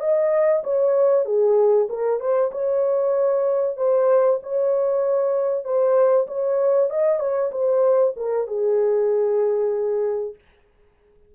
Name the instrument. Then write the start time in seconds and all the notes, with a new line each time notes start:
horn
0.00 D#5
0.64 C#5
1.25 G#4
1.89 A#4
2.20 C5
2.52 C#5
3.77 C5
4.43 C#5
5.64 C5
6.27 C#5
6.90 D#5
7.20 C#5
7.51 C5
8.16 A#4
8.47 G#4